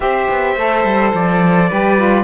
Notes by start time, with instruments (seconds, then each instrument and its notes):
0.00 cello C4, saxophone G4, violin C5, trumpet E5
0.29 cello B3
0.56 cello A3, saxophone A4
0.84 cello G3
1.13 cello F3, trumpet D5
1.68 cello G3, saxophone G4, violin B4
1.96 saxophone F4